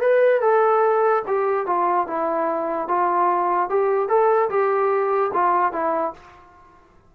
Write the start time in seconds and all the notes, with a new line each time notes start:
0.00 B4
0.41 A4
1.27 G4
1.66 F4
2.07 E4
2.88 F4
3.69 G4
4.08 A4
4.49 G4
5.33 F4
5.72 E4